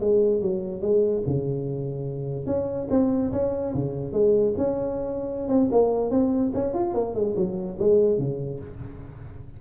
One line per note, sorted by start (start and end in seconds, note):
0.00 0.41 G#3
0.41 0.81 F#3
0.81 1.23 G#3
1.27 2.46 C#3
2.46 2.88 C#4
2.90 3.32 C4
3.32 3.74 C#4
3.74 4.12 C#3
4.12 4.54 G#3
4.57 5.48 C#4
5.48 5.69 C4
5.71 6.10 A#3
6.10 6.52 C4
6.54 6.74 C#4
6.74 6.94 F4
6.94 7.15 A#3
7.15 7.35 G#3
7.36 7.78 F#3
7.79 8.18 G#3
8.18 8.59 C#3